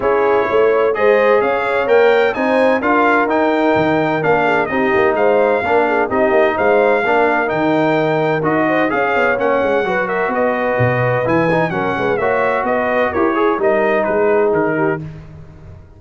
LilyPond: <<
  \new Staff \with { instrumentName = "trumpet" } { \time 4/4 \tempo 4 = 128 cis''2 dis''4 f''4 | g''4 gis''4 f''4 g''4~ | g''4 f''4 dis''4 f''4~ | f''4 dis''4 f''2 |
g''2 dis''4 f''4 | fis''4. e''8 dis''2 | gis''4 fis''4 e''4 dis''4 | cis''4 dis''4 b'4 ais'4 | }
  \new Staff \with { instrumentName = "horn" } { \time 4/4 gis'4 cis''4 c''4 cis''4~ | cis''4 c''4 ais'2~ | ais'4. gis'8 g'4 c''4 | ais'8 gis'8 g'4 c''4 ais'4~ |
ais'2~ ais'8 c''8 cis''4~ | cis''4 b'8 ais'8 b'2~ | b'4 ais'8 b'8 cis''4 b'4 | ais'8 gis'8 ais'4 gis'4. g'8 | }
  \new Staff \with { instrumentName = "trombone" } { \time 4/4 e'2 gis'2 | ais'4 dis'4 f'4 dis'4~ | dis'4 d'4 dis'2 | d'4 dis'2 d'4 |
dis'2 fis'4 gis'4 | cis'4 fis'2. | e'8 dis'8 cis'4 fis'2 | g'8 gis'8 dis'2. | }
  \new Staff \with { instrumentName = "tuba" } { \time 4/4 cis'4 a4 gis4 cis'4 | ais4 c'4 d'4 dis'4 | dis4 ais4 c'8 ais8 gis4 | ais4 c'8 ais8 gis4 ais4 |
dis2 dis'4 cis'8 b8 | ais8 gis8 fis4 b4 b,4 | e4 fis8 gis8 ais4 b4 | e'4 g4 gis4 dis4 | }
>>